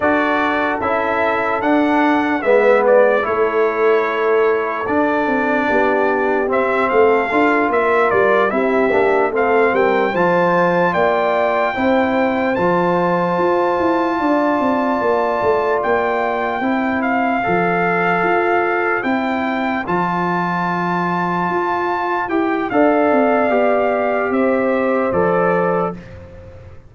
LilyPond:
<<
  \new Staff \with { instrumentName = "trumpet" } { \time 4/4 \tempo 4 = 74 d''4 e''4 fis''4 e''8 d''8 | cis''2 d''2 | e''8 f''4 e''8 d''8 e''4 f''8 | g''8 a''4 g''2 a''8~ |
a''2.~ a''8 g''8~ | g''4 f''2~ f''8 g''8~ | g''8 a''2. g''8 | f''2 e''4 d''4 | }
  \new Staff \with { instrumentName = "horn" } { \time 4/4 a'2. b'4 | a'2. g'4~ | g'8 a'4 ais'4 g'4 a'8 | ais'8 c''4 d''4 c''4.~ |
c''4. d''2~ d''8~ | d''8 c''2.~ c''8~ | c''1 | d''2 c''2 | }
  \new Staff \with { instrumentName = "trombone" } { \time 4/4 fis'4 e'4 d'4 b4 | e'2 d'2 | c'4 f'4. e'8 d'8 c'8~ | c'8 f'2 e'4 f'8~ |
f'1~ | f'8 e'4 a'2 e'8~ | e'8 f'2. g'8 | a'4 g'2 a'4 | }
  \new Staff \with { instrumentName = "tuba" } { \time 4/4 d'4 cis'4 d'4 gis4 | a2 d'8 c'8 b4 | c'8 a8 d'8 ais8 g8 c'8 ais8 a8 | g8 f4 ais4 c'4 f8~ |
f8 f'8 e'8 d'8 c'8 ais8 a8 ais8~ | ais8 c'4 f4 f'4 c'8~ | c'8 f2 f'4 e'8 | d'8 c'8 b4 c'4 f4 | }
>>